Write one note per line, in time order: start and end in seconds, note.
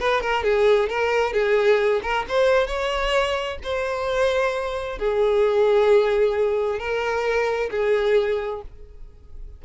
0.00 0.21 B4
0.21 0.44 A#4
0.44 0.89 G#4
0.89 1.33 A#4
1.33 2.01 G#4
2.03 2.25 A#4
2.29 2.67 C5
2.67 3.58 C#5
3.64 4.99 C5
4.99 6.79 G#4
6.79 7.70 A#4
7.71 8.62 G#4